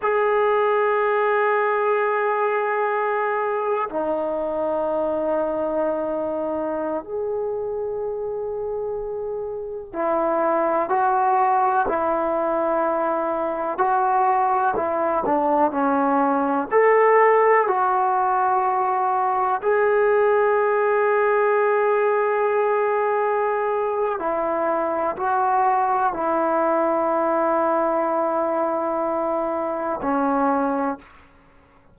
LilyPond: \new Staff \with { instrumentName = "trombone" } { \time 4/4 \tempo 4 = 62 gis'1 | dis'2.~ dis'16 gis'8.~ | gis'2~ gis'16 e'4 fis'8.~ | fis'16 e'2 fis'4 e'8 d'16~ |
d'16 cis'4 a'4 fis'4.~ fis'16~ | fis'16 gis'2.~ gis'8.~ | gis'4 e'4 fis'4 e'4~ | e'2. cis'4 | }